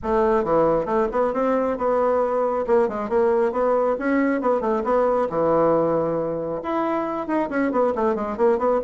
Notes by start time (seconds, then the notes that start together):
0.03 A3
0.44 E3
0.85 A3
1.11 B3
1.33 C4
1.77 B3
2.67 A#3
2.88 G#3
3.09 A#3
3.52 B3
3.98 C#4
4.41 B3
4.60 A3
4.84 B3
5.29 E3
6.62 E4
7.27 D#4
7.49 C#4
7.71 B3
7.95 A3
8.15 G#3
8.37 A#3
8.58 B3